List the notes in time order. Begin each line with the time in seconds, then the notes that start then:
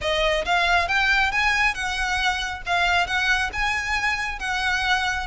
0.01 D#5
0.45 F5
0.88 G5
1.31 G#5
1.74 F#5
2.66 F5
3.06 F#5
3.53 G#5
4.39 F#5